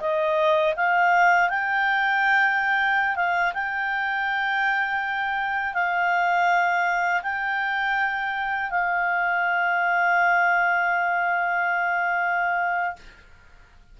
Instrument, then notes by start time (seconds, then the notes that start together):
clarinet
0.00 D#5
0.76 F5
1.49 G5
3.16 F5
3.54 G5
5.74 F5
7.23 G5
8.70 F5